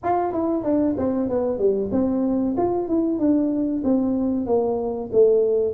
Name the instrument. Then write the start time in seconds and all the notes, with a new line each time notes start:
tuba
0.03 F4
0.32 E4
0.63 D4
0.97 C4
1.29 B3
1.58 G3
1.91 C4
2.57 F4
2.88 E4
3.18 D4
3.84 C4
4.46 A#3
5.12 A3